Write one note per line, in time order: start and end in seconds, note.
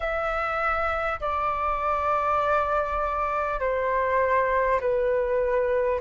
0.00 1.20 E5
1.20 3.59 D5
3.59 4.79 C5
4.80 6.00 B4